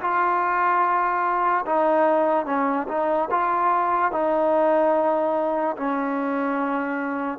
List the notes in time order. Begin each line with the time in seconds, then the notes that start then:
0.00 F4
1.66 D#4
2.45 C#4
2.88 D#4
3.30 F4
4.12 D#4
5.76 C#4